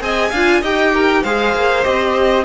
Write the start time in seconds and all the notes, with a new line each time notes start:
0.00 C4 G#4 D#5 G#5
0.30 D4 F4 F5
0.61 D#4 G4 D#5 G5
0.94 A#4
1.23 G#3 G#4 C5 F5
1.55 A#3
1.83 C4 G4 D#5